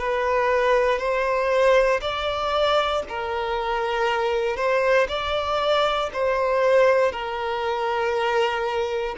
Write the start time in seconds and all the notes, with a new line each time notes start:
0.00 B4
0.99 C5
2.02 D5
3.09 A#4
4.57 C5
5.09 D5
6.14 C5
7.12 A#4